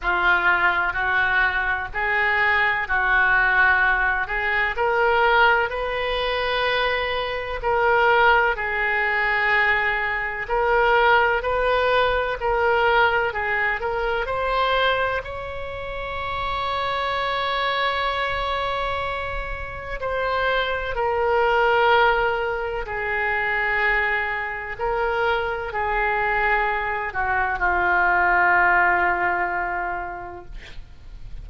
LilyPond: \new Staff \with { instrumentName = "oboe" } { \time 4/4 \tempo 4 = 63 f'4 fis'4 gis'4 fis'4~ | fis'8 gis'8 ais'4 b'2 | ais'4 gis'2 ais'4 | b'4 ais'4 gis'8 ais'8 c''4 |
cis''1~ | cis''4 c''4 ais'2 | gis'2 ais'4 gis'4~ | gis'8 fis'8 f'2. | }